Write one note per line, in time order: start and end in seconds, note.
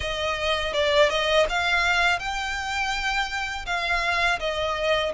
0.00 0.73 D#5
0.73 1.09 D5
1.09 1.46 D#5
1.49 2.19 F5
2.19 3.65 G5
3.66 4.39 F5
4.39 5.12 D#5